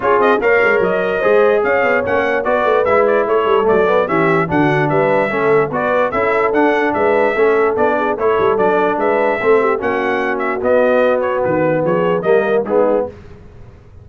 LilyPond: <<
  \new Staff \with { instrumentName = "trumpet" } { \time 4/4 \tempo 4 = 147 cis''8 dis''8 f''4 dis''2 | f''4 fis''4 d''4 e''8 d''8 | cis''4 d''4 e''4 fis''4 | e''2 d''4 e''4 |
fis''4 e''2 d''4 | cis''4 d''4 e''2 | fis''4. e''8 dis''4. cis''8 | b'4 cis''4 dis''4 gis'4 | }
  \new Staff \with { instrumentName = "horn" } { \time 4/4 gis'4 cis''2 c''4 | cis''2 b'2 | a'2 g'4 fis'4 | b'4 a'4 b'4 a'4~ |
a'4 b'4 a'4. gis'8 | a'2 b'4 a'8 g'8 | fis'1~ | fis'4 gis'4 ais'4 dis'4 | }
  \new Staff \with { instrumentName = "trombone" } { \time 4/4 f'4 ais'2 gis'4~ | gis'4 cis'4 fis'4 e'4~ | e'4 a8 b8 cis'4 d'4~ | d'4 cis'4 fis'4 e'4 |
d'2 cis'4 d'4 | e'4 d'2 c'4 | cis'2 b2~ | b2 ais4 b4 | }
  \new Staff \with { instrumentName = "tuba" } { \time 4/4 cis'8 c'8 ais8 gis8 fis4 gis4 | cis'8 b8 ais4 b8 a8 gis4 | a8 g8 fis4 e4 d4 | g4 a4 b4 cis'4 |
d'4 gis4 a4 b4 | a8 g8 fis4 gis4 a4 | ais2 b2 | dis4 f4 g4 gis4 | }
>>